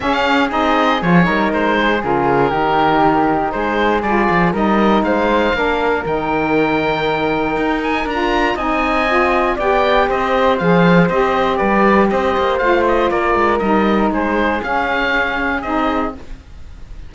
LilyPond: <<
  \new Staff \with { instrumentName = "oboe" } { \time 4/4 \tempo 4 = 119 f''4 dis''4 cis''4 c''4 | ais'2. c''4 | d''4 dis''4 f''2 | g''2.~ g''8 gis''8 |
ais''4 gis''2 g''4 | dis''4 f''4 dis''4 d''4 | dis''4 f''8 dis''8 d''4 dis''4 | c''4 f''2 dis''4 | }
  \new Staff \with { instrumentName = "flute" } { \time 4/4 gis'2~ gis'8 ais'4 gis'8~ | gis'4 g'2 gis'4~ | gis'4 ais'4 c''4 ais'4~ | ais'1~ |
ais'4 dis''2 d''4 | c''2. b'4 | c''2 ais'2 | gis'1 | }
  \new Staff \with { instrumentName = "saxophone" } { \time 4/4 cis'4 dis'4 f'8 dis'4. | f'4 dis'2. | f'4 dis'2 d'4 | dis'1 |
f'4 dis'4 f'4 g'4~ | g'4 gis'4 g'2~ | g'4 f'2 dis'4~ | dis'4 cis'2 dis'4 | }
  \new Staff \with { instrumentName = "cello" } { \time 4/4 cis'4 c'4 f8 g8 gis4 | cis4 dis2 gis4 | g8 f8 g4 gis4 ais4 | dis2. dis'4 |
d'4 c'2 b4 | c'4 f4 c'4 g4 | c'8 ais8 a4 ais8 gis8 g4 | gis4 cis'2 c'4 | }
>>